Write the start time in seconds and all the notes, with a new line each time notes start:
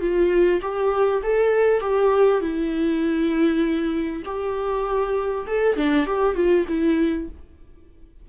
0.00 F4
0.61 G4
1.23 A4
1.80 G4
2.40 E4
4.25 G4
5.46 A4
5.76 D4
6.06 G4
6.35 F4
6.68 E4